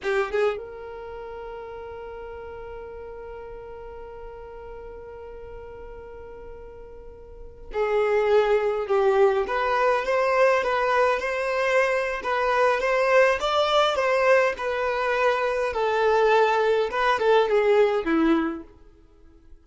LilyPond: \new Staff \with { instrumentName = "violin" } { \time 4/4 \tempo 4 = 103 g'8 gis'8 ais'2.~ | ais'1~ | ais'1~ | ais'4~ ais'16 gis'2 g'8.~ |
g'16 b'4 c''4 b'4 c''8.~ | c''4 b'4 c''4 d''4 | c''4 b'2 a'4~ | a'4 b'8 a'8 gis'4 e'4 | }